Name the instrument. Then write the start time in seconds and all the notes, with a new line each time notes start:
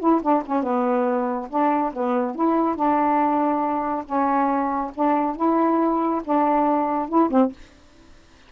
saxophone
0.00 E4
0.22 D4
0.46 C#4
0.63 B3
1.50 D4
1.93 B3
2.35 E4
2.76 D4
4.06 C#4
4.95 D4
5.36 E4
6.24 D4
7.09 E4
7.31 C4